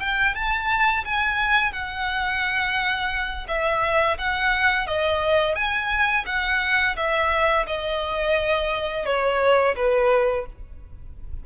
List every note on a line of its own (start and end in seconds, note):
0.00 0.35 G5
0.35 1.05 A5
1.05 1.73 G#5
1.73 3.47 F#5
3.48 4.18 E5
4.18 4.87 F#5
4.87 5.55 D#5
5.55 6.25 G#5
6.26 6.96 F#5
6.97 7.66 E5
7.67 9.06 D#5
9.06 9.75 C#5
9.76 10.46 B4